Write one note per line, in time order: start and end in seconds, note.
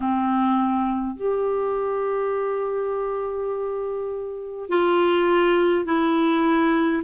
0.00 1.16 C4
1.16 4.68 G4
4.68 5.85 F4
5.85 7.03 E4